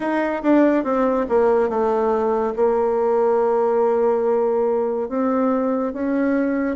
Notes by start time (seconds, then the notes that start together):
0.00 D#4
0.42 D4
0.83 C4
1.29 A#3
1.69 A3
2.56 A#3
5.09 C4
5.93 C#4